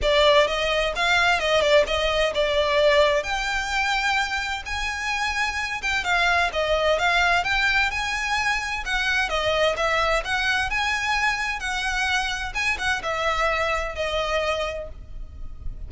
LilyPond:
\new Staff \with { instrumentName = "violin" } { \time 4/4 \tempo 4 = 129 d''4 dis''4 f''4 dis''8 d''8 | dis''4 d''2 g''4~ | g''2 gis''2~ | gis''8 g''8 f''4 dis''4 f''4 |
g''4 gis''2 fis''4 | dis''4 e''4 fis''4 gis''4~ | gis''4 fis''2 gis''8 fis''8 | e''2 dis''2 | }